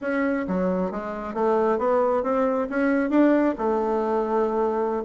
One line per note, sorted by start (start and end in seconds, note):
0.01 0.46 C#4
0.47 0.91 F#3
0.91 1.34 G#3
1.34 1.78 A3
1.78 2.23 B3
2.23 2.68 C4
2.69 3.10 C#4
3.10 3.54 D4
3.58 5.03 A3